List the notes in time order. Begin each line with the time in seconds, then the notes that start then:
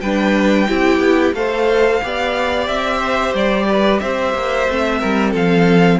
0.00 G3 D4 B4 G5
0.67 C4 E4 G4
0.99 B3
1.33 A3 A4 C5 F5
2.03 B3 G4 D5
2.67 C4 E5
2.98 C5
3.33 G3 D5
3.68 B4
3.99 C4 C5 E5
4.33 A#3
4.68 A3 C4
4.99 G3 A#4
5.31 F3 A4 F5